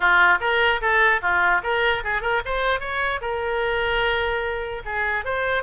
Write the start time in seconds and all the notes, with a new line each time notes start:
0.00 F4
0.40 A#4
0.81 A4
1.21 F4
1.63 A#4
2.03 G#4
2.21 A#4
2.45 C5
2.80 C#5
3.21 A#4
4.85 G#4
5.25 C5